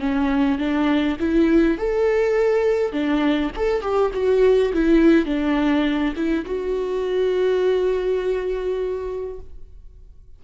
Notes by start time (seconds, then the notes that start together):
0.00 C#4
0.59 D4
1.20 E4
1.78 A4
2.93 D4
3.57 A4
3.82 G4
4.14 F#4
4.74 E4
5.26 D4
6.16 E4
6.46 F#4